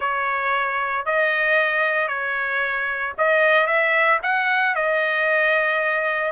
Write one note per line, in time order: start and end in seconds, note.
0.00 1.05 C#5
1.05 2.08 D#5
2.08 3.13 C#5
3.18 3.66 D#5
3.66 4.19 E5
4.22 4.75 F#5
4.75 6.32 D#5